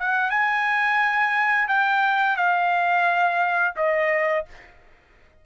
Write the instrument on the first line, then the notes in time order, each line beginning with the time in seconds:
trumpet
0.00 F#5
0.31 G#5
1.69 G5
2.37 F5
3.77 D#5